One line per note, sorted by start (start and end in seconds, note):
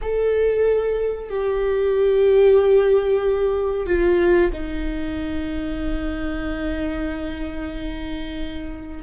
0.01 1.29 A4
1.29 3.86 G4
3.86 4.51 F4
4.52 9.02 D#4